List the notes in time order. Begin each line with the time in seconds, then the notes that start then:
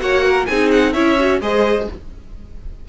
0.00 A#3 F#4 C#5 F#5
0.24 A#4
0.46 C4 D#4 G#4 G#5
0.71 F#5
0.93 C#4 E4 C#5 E5
1.19 F#4
1.41 G#3 G#4 C5 D#5